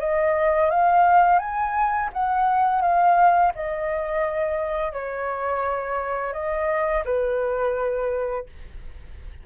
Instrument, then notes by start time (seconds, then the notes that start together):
flute
0.00 D#5
0.71 F5
1.40 G#5
2.13 F#5
2.82 F5
3.56 D#5
4.93 C#5
6.34 D#5
7.06 B4